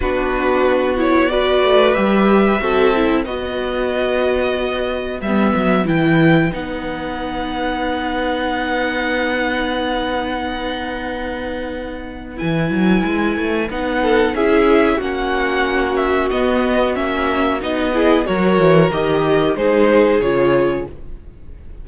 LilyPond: <<
  \new Staff \with { instrumentName = "violin" } { \time 4/4 \tempo 4 = 92 b'4. cis''8 d''4 e''4~ | e''4 dis''2. | e''4 g''4 fis''2~ | fis''1~ |
fis''2. gis''4~ | gis''4 fis''4 e''4 fis''4~ | fis''8 e''8 dis''4 e''4 dis''4 | cis''4 dis''4 c''4 cis''4 | }
  \new Staff \with { instrumentName = "violin" } { \time 4/4 fis'2 b'2 | a'4 b'2.~ | b'1~ | b'1~ |
b'1~ | b'4. a'8 gis'4 fis'4~ | fis'2.~ fis'8 gis'8 | ais'2 gis'2 | }
  \new Staff \with { instrumentName = "viola" } { \time 4/4 d'4. e'8 fis'4 g'4 | fis'8 e'8 fis'2. | b4 e'4 dis'2~ | dis'1~ |
dis'2. e'4~ | e'4 dis'4 e'4 cis'4~ | cis'4 b4 cis'4 dis'8 e'8 | fis'4 g'4 dis'4 f'4 | }
  \new Staff \with { instrumentName = "cello" } { \time 4/4 b2~ b8 a8 g4 | c'4 b2. | g8 fis8 e4 b2~ | b1~ |
b2. e8 fis8 | gis8 a8 b4 cis'4 ais4~ | ais4 b4 ais4 b4 | fis8 e8 dis4 gis4 cis4 | }
>>